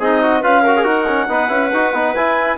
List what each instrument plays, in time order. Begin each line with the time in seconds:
0.00 bassoon C4, clarinet D#4 D#5, trombone G#4
0.23 trombone F#4
0.41 bassoon C#4, trombone F4, clarinet B4 F5
0.63 trombone F#4, clarinet A#4
0.77 trombone G#4
0.84 bassoon D#4, trombone F#4, clarinet F#5
1.08 trombone C#4
1.29 bassoon B3, trombone D#4, clarinet B4
1.49 bassoon C#4, trombone E4
1.73 bassoon D#4, trombone F#4
1.93 bassoon B3, trombone D#4
2.15 bassoon E4, trombone E4, clarinet G#5